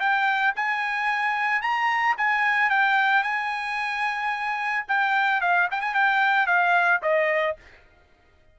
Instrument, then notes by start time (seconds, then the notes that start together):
trumpet
0.00 G5
0.56 G#5
1.62 A#5
2.17 G#5
2.70 G5
3.23 G#5
4.88 G5
5.41 F5
5.71 G5
5.81 G#5
5.94 G5
6.47 F5
7.02 D#5